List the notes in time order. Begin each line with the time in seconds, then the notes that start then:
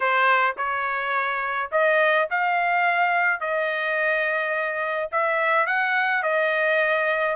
0.00 C5
0.57 C#5
1.71 D#5
2.30 F5
3.40 D#5
5.11 E5
5.66 F#5
6.22 D#5